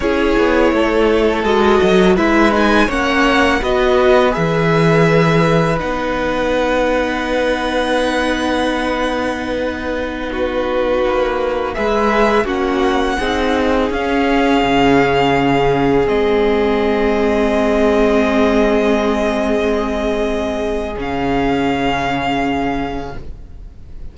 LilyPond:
<<
  \new Staff \with { instrumentName = "violin" } { \time 4/4 \tempo 4 = 83 cis''2 dis''4 e''8 gis''8 | fis''4 dis''4 e''2 | fis''1~ | fis''2~ fis''16 b'4.~ b'16~ |
b'16 e''4 fis''2 f''8.~ | f''2~ f''16 dis''4.~ dis''16~ | dis''1~ | dis''4 f''2. | }
  \new Staff \with { instrumentName = "violin" } { \time 4/4 gis'4 a'2 b'4 | cis''4 b'2.~ | b'1~ | b'2~ b'16 fis'4.~ fis'16~ |
fis'16 b'4 fis'4 gis'4.~ gis'16~ | gis'1~ | gis'1~ | gis'1 | }
  \new Staff \with { instrumentName = "viola" } { \time 4/4 e'2 fis'4 e'8 dis'8 | cis'4 fis'4 gis'2 | dis'1~ | dis'1~ |
dis'16 gis'4 cis'4 dis'4 cis'8.~ | cis'2~ cis'16 c'4.~ c'16~ | c'1~ | c'4 cis'2. | }
  \new Staff \with { instrumentName = "cello" } { \time 4/4 cis'8 b8 a4 gis8 fis8 gis4 | ais4 b4 e2 | b1~ | b2.~ b16 ais8.~ |
ais16 gis4 ais4 c'4 cis'8.~ | cis'16 cis2 gis4.~ gis16~ | gis1~ | gis4 cis2. | }
>>